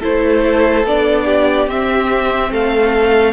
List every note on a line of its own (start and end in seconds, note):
0.00 0.84 A3
0.00 0.85 E4
0.00 1.25 A4
0.00 0.86 C5
0.84 1.67 B3
0.84 1.68 D4
0.84 1.69 D5
1.25 2.50 G4
1.67 2.51 C4
1.67 3.32 C4
1.67 2.52 E5
2.51 3.32 A3
2.51 3.32 A4
2.51 3.32 F5